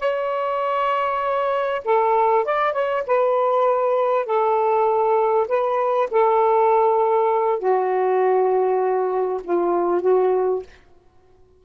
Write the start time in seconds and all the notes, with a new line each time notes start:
0.00 C#5
1.85 A4
2.45 D5
2.73 C#5
3.07 B4
4.26 A4
5.48 B4
6.11 A4
7.59 F#4
9.44 F4
10.02 F#4